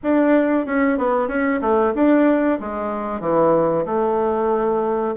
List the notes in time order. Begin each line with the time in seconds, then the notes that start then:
0.03 D4
0.66 C#4
0.98 B3
1.28 C#4
1.61 A3
1.94 D4
2.60 G#3
3.20 E3
3.85 A3